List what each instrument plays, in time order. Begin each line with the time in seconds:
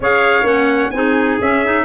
0.00 tuba C#4, clarinet G#4, trumpet C#5 F5
0.42 tuba A#3, clarinet C#4, trumpet F#5
0.91 tuba C4, clarinet D#4, trumpet G#5
0.97 trumpet G#4
1.40 tuba C#4, clarinet C#4, trumpet E5
1.65 clarinet D#4